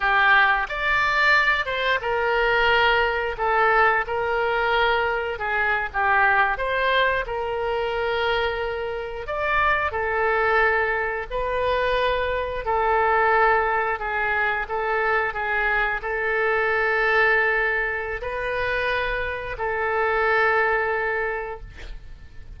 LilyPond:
\new Staff \with { instrumentName = "oboe" } { \time 4/4 \tempo 4 = 89 g'4 d''4. c''8 ais'4~ | ais'4 a'4 ais'2 | gis'8. g'4 c''4 ais'4~ ais'16~ | ais'4.~ ais'16 d''4 a'4~ a'16~ |
a'8. b'2 a'4~ a'16~ | a'8. gis'4 a'4 gis'4 a'16~ | a'2. b'4~ | b'4 a'2. | }